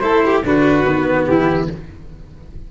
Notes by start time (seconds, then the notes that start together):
0.00 A3 E4 A4 C5
0.25 G4
0.43 D3 D4 F#4 B4
0.84 D#3 B3
1.27 E3 E4 G4